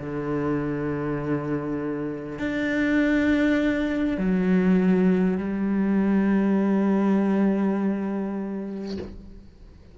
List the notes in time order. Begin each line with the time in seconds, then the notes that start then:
0.00 D3
2.39 D4
4.18 F#3
5.38 G3